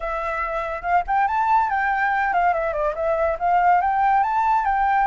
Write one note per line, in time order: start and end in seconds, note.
0.00 0.81 E5
0.81 1.03 F5
1.07 1.27 G5
1.27 1.70 A5
1.70 2.33 G5
2.33 2.53 F5
2.53 2.73 E5
2.73 2.94 D5
2.95 3.37 E5
3.39 3.81 F5
3.81 4.23 G5
4.23 4.65 A5
4.65 5.07 G5